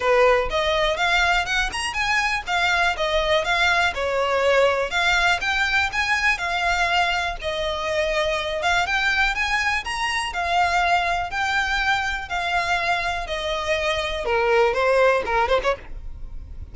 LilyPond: \new Staff \with { instrumentName = "violin" } { \time 4/4 \tempo 4 = 122 b'4 dis''4 f''4 fis''8 ais''8 | gis''4 f''4 dis''4 f''4 | cis''2 f''4 g''4 | gis''4 f''2 dis''4~ |
dis''4. f''8 g''4 gis''4 | ais''4 f''2 g''4~ | g''4 f''2 dis''4~ | dis''4 ais'4 c''4 ais'8 c''16 cis''16 | }